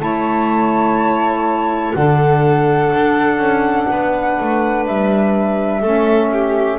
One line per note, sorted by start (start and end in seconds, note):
0.00 1.94 A3
0.00 1.94 E4
0.00 1.96 C#5
0.00 1.95 A5
1.95 2.93 D3
1.95 5.82 D4
1.95 3.89 A4
1.95 4.85 F#5
2.95 3.38 D4
3.38 3.86 C#4
3.91 4.39 B3
3.91 5.81 B4
4.41 4.88 A3
4.87 5.83 G3
4.87 6.79 E5
5.81 6.79 A3
5.81 6.79 C#4
5.81 6.29 A4
6.33 6.79 G4